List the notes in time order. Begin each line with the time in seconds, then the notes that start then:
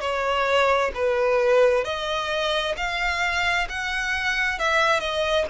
0.00 C#5
0.94 B4
1.84 D#5
2.76 F5
3.69 F#5
4.59 E5
5.00 D#5